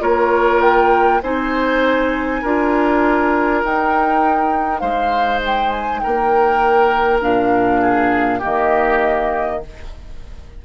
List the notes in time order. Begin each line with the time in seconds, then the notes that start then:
0.00 A#3 F4 A#4 C#5
0.61 G5
1.22 C4 D#4 C5 G#5
2.41 D4 F4 A#4
3.64 D#4 G5
4.79 G#3 C5 F5
5.45 G5
5.69 G#5
5.99 A#4 G5
6.06 A#3
7.21 A#2 D4 F5
7.81 G#4
8.38 A#3 G4 D#5
8.45 D#3